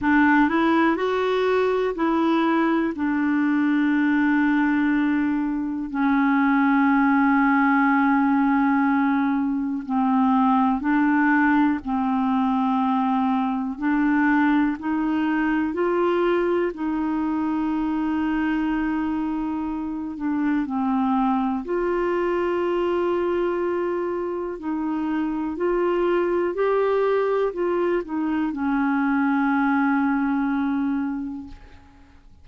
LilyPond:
\new Staff \with { instrumentName = "clarinet" } { \time 4/4 \tempo 4 = 61 d'8 e'8 fis'4 e'4 d'4~ | d'2 cis'2~ | cis'2 c'4 d'4 | c'2 d'4 dis'4 |
f'4 dis'2.~ | dis'8 d'8 c'4 f'2~ | f'4 dis'4 f'4 g'4 | f'8 dis'8 cis'2. | }